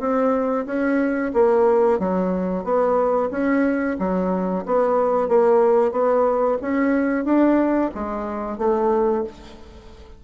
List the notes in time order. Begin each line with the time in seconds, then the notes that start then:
0.00 C4
0.67 C#4
1.34 A#3
1.99 F#3
2.64 B3
3.31 C#4
3.99 F#3
4.66 B3
5.29 A#3
5.92 B3
6.62 C#4
7.25 D4
7.95 G#3
8.58 A3